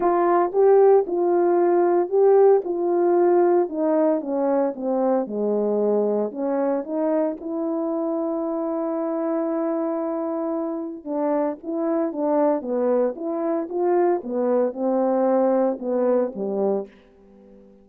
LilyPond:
\new Staff \with { instrumentName = "horn" } { \time 4/4 \tempo 4 = 114 f'4 g'4 f'2 | g'4 f'2 dis'4 | cis'4 c'4 gis2 | cis'4 dis'4 e'2~ |
e'1~ | e'4 d'4 e'4 d'4 | b4 e'4 f'4 b4 | c'2 b4 g4 | }